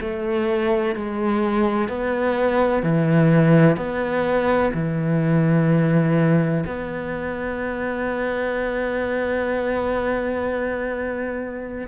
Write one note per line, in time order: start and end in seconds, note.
0.00 0.95 A3
0.95 1.88 G#3
1.88 2.82 B3
2.82 3.77 E3
3.77 4.72 B3
4.73 6.64 E3
6.66 11.87 B3